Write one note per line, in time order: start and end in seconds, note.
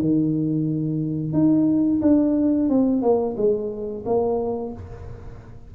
0.00 1.32 D#3
1.32 2.00 D#4
2.01 2.69 D4
2.69 3.02 C4
3.02 3.35 A#3
3.36 4.04 G#3
4.05 4.73 A#3